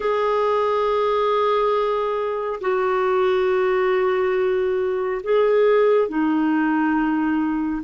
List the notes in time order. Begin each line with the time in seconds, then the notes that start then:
0.00 G#4
2.60 F#4
5.23 G#4
6.08 D#4